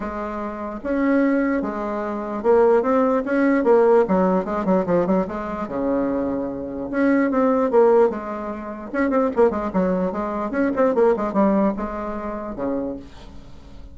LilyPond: \new Staff \with { instrumentName = "bassoon" } { \time 4/4 \tempo 4 = 148 gis2 cis'2 | gis2 ais4 c'4 | cis'4 ais4 fis4 gis8 fis8 | f8 fis8 gis4 cis2~ |
cis4 cis'4 c'4 ais4 | gis2 cis'8 c'8 ais8 gis8 | fis4 gis4 cis'8 c'8 ais8 gis8 | g4 gis2 cis4 | }